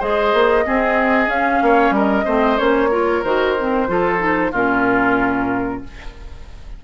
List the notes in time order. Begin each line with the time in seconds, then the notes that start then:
0.00 G#3 G#4 C5 D#5
0.34 A#3
0.65 C4 G#4
1.28 C#4 F5
1.62 A#3 C#5
1.91 G3 A#4
1.97 D#5
2.25 A3 C4 C5
2.58 A#3 C#4 C#5
2.91 F4 A#4
3.24 D#3 F#4 C5
3.60 C4
3.88 F3 F4 A4
4.19 D#4
4.52 A#2 C#4 F4 A#4